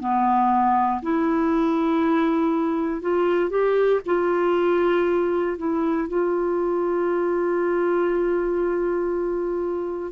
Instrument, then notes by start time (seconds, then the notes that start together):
clarinet
0.00 B3
1.02 E4
3.01 F4
3.50 G4
4.06 F4
5.57 E4
6.08 F4